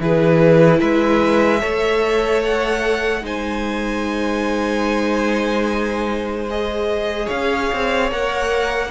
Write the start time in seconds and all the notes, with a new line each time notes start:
0.00 E3 E4 G#4 B4
0.80 G#3 B4 E5
1.60 A3 A4 C#5
2.45 F#5
3.22 G#3 D#4 C5 G#5
6.50 G#4 D#5
7.26 C#4 C#5 F5
7.73 C4
8.11 A#3 A#4 F#5